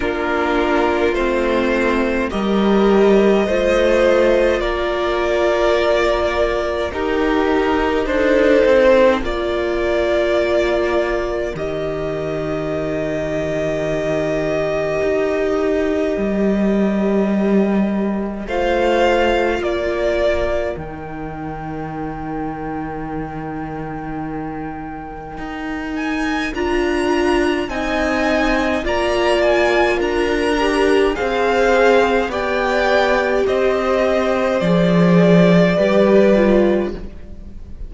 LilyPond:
<<
  \new Staff \with { instrumentName = "violin" } { \time 4/4 \tempo 4 = 52 ais'4 c''4 dis''2 | d''2 ais'4 c''4 | d''2 dis''2~ | dis''1 |
f''4 d''4 g''2~ | g''2~ g''8 gis''8 ais''4 | gis''4 ais''8 gis''8 ais''4 f''4 | g''4 dis''4 d''2 | }
  \new Staff \with { instrumentName = "violin" } { \time 4/4 f'2 ais'4 c''4 | ais'2 g'4 a'4 | ais'1~ | ais'1 |
c''4 ais'2.~ | ais'1 | dis''4 d''4 ais'4 c''4 | d''4 c''2 b'4 | }
  \new Staff \with { instrumentName = "viola" } { \time 4/4 d'4 c'4 g'4 f'4~ | f'2 dis'2 | f'2 g'2~ | g'1 |
f'2 dis'2~ | dis'2. f'4 | dis'4 f'4. g'8 gis'4 | g'2 gis'4 g'8 f'8 | }
  \new Staff \with { instrumentName = "cello" } { \time 4/4 ais4 a4 g4 a4 | ais2 dis'4 d'8 c'8 | ais2 dis2~ | dis4 dis'4 g2 |
a4 ais4 dis2~ | dis2 dis'4 d'4 | c'4 ais4 d'4 c'4 | b4 c'4 f4 g4 | }
>>